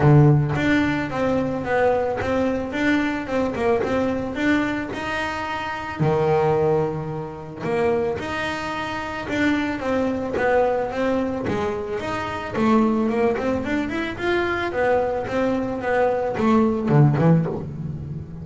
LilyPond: \new Staff \with { instrumentName = "double bass" } { \time 4/4 \tempo 4 = 110 d4 d'4 c'4 b4 | c'4 d'4 c'8 ais8 c'4 | d'4 dis'2 dis4~ | dis2 ais4 dis'4~ |
dis'4 d'4 c'4 b4 | c'4 gis4 dis'4 a4 | ais8 c'8 d'8 e'8 f'4 b4 | c'4 b4 a4 d8 e8 | }